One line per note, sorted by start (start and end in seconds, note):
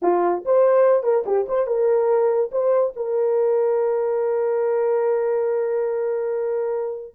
0.02 0.43 F4
0.45 1.03 C5
1.03 1.24 A#4
1.26 1.47 G4
1.48 1.66 C5
1.66 2.50 A#4
2.51 2.93 C5
2.96 7.14 A#4